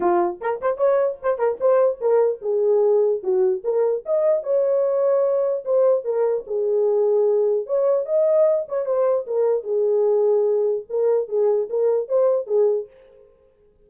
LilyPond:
\new Staff \with { instrumentName = "horn" } { \time 4/4 \tempo 4 = 149 f'4 ais'8 c''8 cis''4 c''8 ais'8 | c''4 ais'4 gis'2 | fis'4 ais'4 dis''4 cis''4~ | cis''2 c''4 ais'4 |
gis'2. cis''4 | dis''4. cis''8 c''4 ais'4 | gis'2. ais'4 | gis'4 ais'4 c''4 gis'4 | }